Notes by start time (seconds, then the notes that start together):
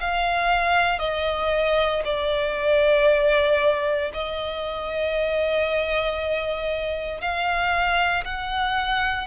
0.00 F5
0.99 D#5
2.04 D5
4.13 D#5
7.20 F5
8.24 F#5